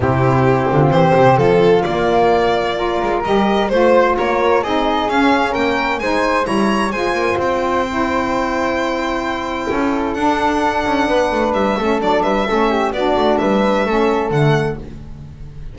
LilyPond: <<
  \new Staff \with { instrumentName = "violin" } { \time 4/4 \tempo 4 = 130 g'2 c''4 a'4 | d''2. dis''4 | c''4 cis''4 dis''4 f''4 | g''4 gis''4 ais''4 gis''4 |
g''1~ | g''2 fis''2~ | fis''4 e''4 d''8 e''4. | d''4 e''2 fis''4 | }
  \new Staff \with { instrumentName = "flute" } { \time 4/4 e'4. f'8 g'4 f'4~ | f'2 ais'2 | c''4 ais'4 gis'2 | ais'4 c''4 cis''4 c''4~ |
c''1~ | c''4 a'2. | b'4. a'4 b'8 a'8 g'8 | fis'4 b'4 a'2 | }
  \new Staff \with { instrumentName = "saxophone" } { \time 4/4 c'1 | ais2 f'4 g'4 | f'2 dis'4 cis'4~ | cis'4 dis'4 e'4 f'4~ |
f'4 e'2.~ | e'2 d'2~ | d'4. cis'8 d'4 cis'4 | d'2 cis'4 a4 | }
  \new Staff \with { instrumentName = "double bass" } { \time 4/4 c4. d8 e8 c8 f4 | ais2~ ais8 gis8 g4 | a4 ais4 c'4 cis'4 | ais4 gis4 g4 gis8 ais8 |
c'1~ | c'4 cis'4 d'4. cis'8 | b8 a8 g8 a8 fis8 g8 a4 | b8 a8 g4 a4 d4 | }
>>